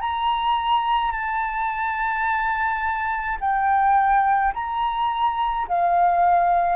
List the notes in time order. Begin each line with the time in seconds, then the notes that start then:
0.00 A#5
1.11 A5
3.40 G5
4.53 A#5
5.68 F5